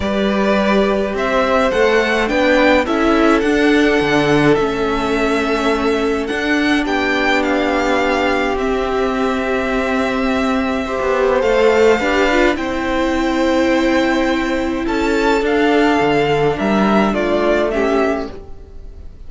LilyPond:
<<
  \new Staff \with { instrumentName = "violin" } { \time 4/4 \tempo 4 = 105 d''2 e''4 fis''4 | g''4 e''4 fis''2 | e''2. fis''4 | g''4 f''2 e''4~ |
e''1 | f''2 g''2~ | g''2 a''4 f''4~ | f''4 e''4 d''4 e''4 | }
  \new Staff \with { instrumentName = "violin" } { \time 4/4 b'2 c''2 | b'4 a'2.~ | a'1 | g'1~ |
g'2. c''4~ | c''4 b'4 c''2~ | c''2 a'2~ | a'4 ais'4 f'4 g'4 | }
  \new Staff \with { instrumentName = "viola" } { \time 4/4 g'2. a'4 | d'4 e'4 d'2 | cis'2. d'4~ | d'2. c'4~ |
c'2. g'4 | a'4 g'8 f'8 e'2~ | e'2. d'4~ | d'2. cis'4 | }
  \new Staff \with { instrumentName = "cello" } { \time 4/4 g2 c'4 a4 | b4 cis'4 d'4 d4 | a2. d'4 | b2. c'4~ |
c'2.~ c'16 b8. | a4 d'4 c'2~ | c'2 cis'4 d'4 | d4 g4 a2 | }
>>